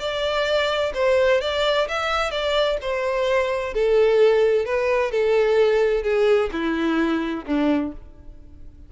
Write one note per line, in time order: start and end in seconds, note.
0.00 0.93 D5
0.95 1.41 C5
1.41 1.88 D5
1.88 2.31 E5
2.31 2.78 D5
2.81 3.74 C5
3.74 4.65 A4
4.65 5.12 B4
5.12 6.03 A4
6.03 6.50 G#4
6.52 7.45 E4
7.46 7.93 D4